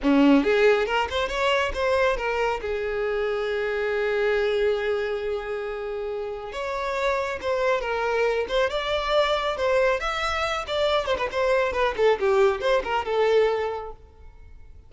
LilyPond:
\new Staff \with { instrumentName = "violin" } { \time 4/4 \tempo 4 = 138 cis'4 gis'4 ais'8 c''8 cis''4 | c''4 ais'4 gis'2~ | gis'1~ | gis'2. cis''4~ |
cis''4 c''4 ais'4. c''8 | d''2 c''4 e''4~ | e''8 d''4 c''16 b'16 c''4 b'8 a'8 | g'4 c''8 ais'8 a'2 | }